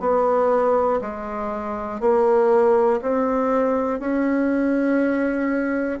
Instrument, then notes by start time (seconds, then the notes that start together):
bassoon
0.00 B3
1.01 G#3
2.00 A#3
3.01 C4
4.00 C#4